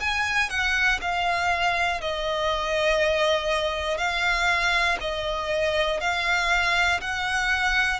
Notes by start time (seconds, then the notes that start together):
0.00 G#5
0.49 F#5
1.00 F5
2.00 D#5
3.97 F5
5.00 D#5
6.00 F5
7.00 F#5